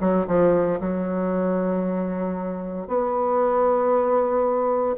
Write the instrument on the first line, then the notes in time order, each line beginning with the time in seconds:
bassoon
0.00 F#3
0.27 F3
0.80 F#3
2.87 B3